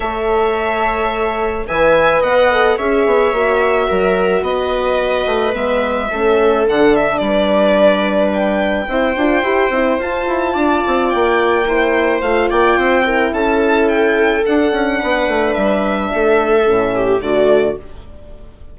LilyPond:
<<
  \new Staff \with { instrumentName = "violin" } { \time 4/4 \tempo 4 = 108 e''2. gis''4 | fis''4 e''2. | dis''2 e''2 | fis''8 e''8 d''2 g''4~ |
g''2 a''2 | g''2 f''8 g''4. | a''4 g''4 fis''2 | e''2. d''4 | }
  \new Staff \with { instrumentName = "viola" } { \time 4/4 cis''2. e''4 | dis''4 cis''2 ais'4 | b'2. a'4~ | a'4 b'2. |
c''2. d''4~ | d''4 c''4. d''8 c''8 ais'8 | a'2. b'4~ | b'4 a'4. g'8 fis'4 | }
  \new Staff \with { instrumentName = "horn" } { \time 4/4 a'2. b'4~ | b'8 a'8 gis'4 fis'2~ | fis'2 b4 cis'4 | d'1 |
e'8 f'8 g'8 e'8 f'2~ | f'4 e'4 f'4. e'8~ | e'2 d'2~ | d'2 cis'4 a4 | }
  \new Staff \with { instrumentName = "bassoon" } { \time 4/4 a2. e4 | b4 cis'8 b8 ais4 fis4 | b4. a8 gis4 a4 | d4 g2. |
c'8 d'8 e'8 c'8 f'8 e'8 d'8 c'8 | ais2 a8 ais8 c'4 | cis'2 d'8 cis'8 b8 a8 | g4 a4 a,4 d4 | }
>>